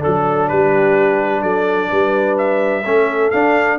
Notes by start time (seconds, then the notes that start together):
0.00 F#3 D4 A4
0.49 G3 G4 B4
1.42 F#3 A4 D5
1.89 G3 B4
2.38 E5
2.85 A3 C#4 A4
3.31 D4 F5